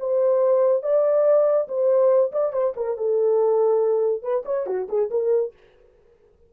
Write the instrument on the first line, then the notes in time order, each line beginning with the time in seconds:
horn
0.00 C5
0.83 D5
1.68 C5
2.32 D5
2.53 C5
2.77 A#4
2.98 A4
4.23 B4
4.46 C#5
4.67 F#4
4.89 G#4
5.11 A#4